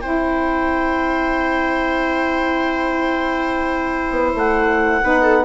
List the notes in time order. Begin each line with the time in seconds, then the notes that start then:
0.00 C4 E4 C5 G5
4.10 B3
4.34 A3 F#5
5.02 B3 D#4 B4
5.21 A4